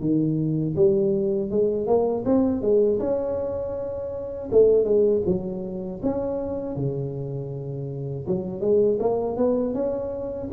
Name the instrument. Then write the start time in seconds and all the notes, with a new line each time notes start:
tuba
0.00 D#3
0.76 G3
1.50 G#3
1.87 A#3
2.25 C4
2.61 G#3
2.99 C#4
4.51 A3
4.84 G#3
5.26 F#3
6.03 C#4
6.76 C#3
8.27 F#3
8.61 G#3
8.99 A#3
9.37 B3
9.74 C#4